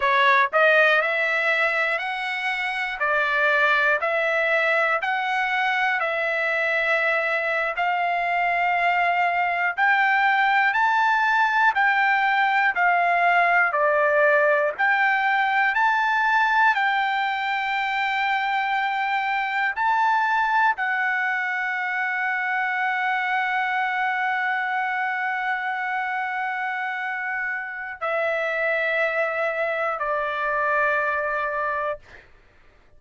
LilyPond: \new Staff \with { instrumentName = "trumpet" } { \time 4/4 \tempo 4 = 60 cis''8 dis''8 e''4 fis''4 d''4 | e''4 fis''4 e''4.~ e''16 f''16~ | f''4.~ f''16 g''4 a''4 g''16~ | g''8. f''4 d''4 g''4 a''16~ |
a''8. g''2. a''16~ | a''8. fis''2.~ fis''16~ | fis''1 | e''2 d''2 | }